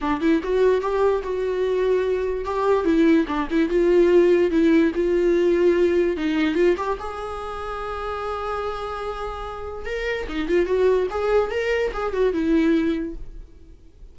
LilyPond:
\new Staff \with { instrumentName = "viola" } { \time 4/4 \tempo 4 = 146 d'8 e'8 fis'4 g'4 fis'4~ | fis'2 g'4 e'4 | d'8 e'8 f'2 e'4 | f'2. dis'4 |
f'8 g'8 gis'2.~ | gis'1 | ais'4 dis'8 f'8 fis'4 gis'4 | ais'4 gis'8 fis'8 e'2 | }